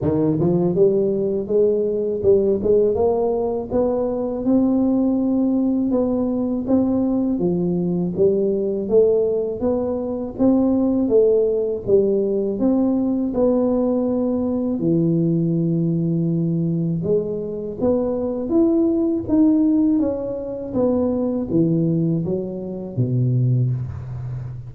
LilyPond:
\new Staff \with { instrumentName = "tuba" } { \time 4/4 \tempo 4 = 81 dis8 f8 g4 gis4 g8 gis8 | ais4 b4 c'2 | b4 c'4 f4 g4 | a4 b4 c'4 a4 |
g4 c'4 b2 | e2. gis4 | b4 e'4 dis'4 cis'4 | b4 e4 fis4 b,4 | }